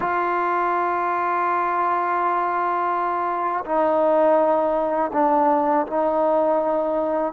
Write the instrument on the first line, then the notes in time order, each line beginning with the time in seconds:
trombone
0.00 F4
3.65 D#4
5.13 D4
5.86 D#4